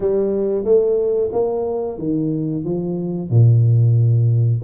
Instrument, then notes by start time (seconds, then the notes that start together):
tuba
0.00 G3
0.64 A3
1.32 A#3
1.98 D#3
2.64 F3
3.30 A#2